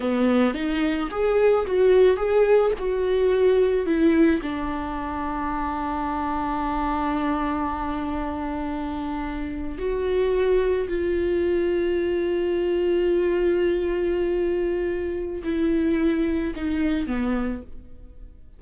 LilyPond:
\new Staff \with { instrumentName = "viola" } { \time 4/4 \tempo 4 = 109 b4 dis'4 gis'4 fis'4 | gis'4 fis'2 e'4 | d'1~ | d'1~ |
d'4.~ d'16 fis'2 f'16~ | f'1~ | f'1 | e'2 dis'4 b4 | }